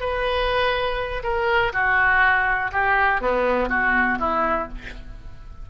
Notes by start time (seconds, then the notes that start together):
0.00 B4
1.24 A#4
1.73 F#4
2.72 G4
3.21 B3
3.69 F#4
4.19 E4